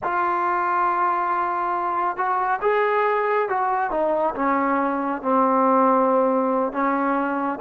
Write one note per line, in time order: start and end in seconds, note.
0.03 2.16 F4
2.16 2.60 F#4
2.61 3.48 G#4
3.49 3.91 F#4
3.91 4.34 D#4
4.35 5.22 C#4
5.22 6.72 C4
6.72 7.59 C#4